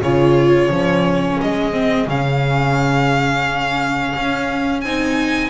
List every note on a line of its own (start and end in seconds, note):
0.00 0.70 C#3
0.00 0.72 F4
0.00 5.50 G#4
0.00 1.41 C#5
0.70 1.39 F3
0.70 1.72 C#4
1.41 2.07 G#3
1.41 2.09 D#5
1.72 2.06 C4
2.07 4.14 C#3
2.07 4.85 C#4
2.07 4.81 F5
4.16 4.84 C#4
4.81 5.50 C4
4.81 5.50 D#4
4.81 5.50 G#5